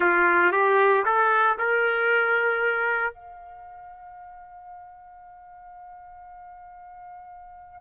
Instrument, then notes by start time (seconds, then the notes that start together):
trumpet
0.00 F4
0.51 G4
1.05 A4
1.58 A#4
3.13 F5